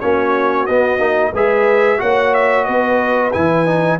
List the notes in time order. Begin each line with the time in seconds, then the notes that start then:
0.00 A#3 C#4 F#4 C#5
0.66 B3 D#5
0.99 A#3 D#4
1.32 G#3 G#4 B4 E5
1.98 A#3 F#4 C#5 F#5
2.34 E5
2.64 B3 B4 D#5
3.32 E3 E4 G#5
3.66 D#4